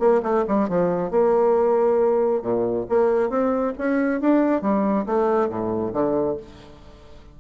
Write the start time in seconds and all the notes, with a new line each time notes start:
0.00 A#3
0.23 A3
0.48 G3
0.69 F3
1.11 A#3
2.42 A#2
2.89 A#3
3.30 C4
3.78 C#4
4.21 D4
4.62 G3
5.06 A3
5.50 A2
5.93 D3